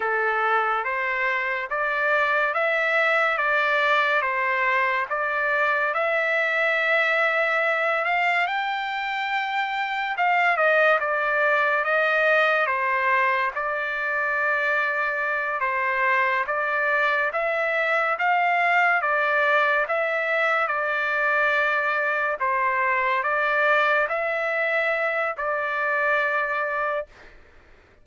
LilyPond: \new Staff \with { instrumentName = "trumpet" } { \time 4/4 \tempo 4 = 71 a'4 c''4 d''4 e''4 | d''4 c''4 d''4 e''4~ | e''4. f''8 g''2 | f''8 dis''8 d''4 dis''4 c''4 |
d''2~ d''8 c''4 d''8~ | d''8 e''4 f''4 d''4 e''8~ | e''8 d''2 c''4 d''8~ | d''8 e''4. d''2 | }